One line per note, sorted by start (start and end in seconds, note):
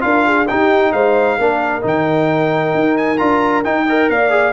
0.00 0.49 D4
0.00 0.45 F4
0.00 0.26 A#4
0.00 0.46 F5
0.26 0.49 G#4
0.48 1.40 D#4
0.48 0.93 D#4
0.48 0.93 G4
0.48 0.93 G5
0.93 1.38 G#3
0.93 1.38 C5
0.93 1.83 F5
1.38 1.83 A#3
1.38 1.82 D4
1.38 3.85 A#4
1.82 2.75 D#3
1.82 3.17 D#4
1.82 2.97 G5
2.75 3.20 D#4
2.97 3.18 G#5
3.18 3.64 D4
3.18 3.64 F4
3.18 3.63 A#5
3.64 4.09 D#4
3.64 3.87 D#4
3.64 4.09 G5
3.85 4.30 A#4
3.85 4.08 D#5
4.09 4.53 A#3
4.09 4.53 D5
4.09 4.53 F5
4.30 4.52 G#4